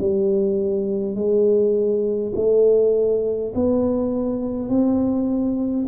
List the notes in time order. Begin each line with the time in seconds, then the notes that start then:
0.00 G3
1.16 G#3
2.35 A3
3.55 B3
4.69 C4